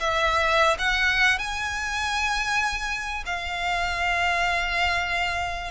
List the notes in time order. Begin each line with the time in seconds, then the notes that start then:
0.00 E5
0.79 F#5
1.39 G#5
3.26 F5